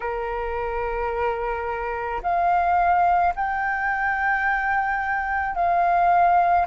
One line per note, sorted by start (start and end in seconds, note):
0.00 2.21 A#4
2.22 3.33 F5
3.35 5.55 G5
5.55 6.66 F5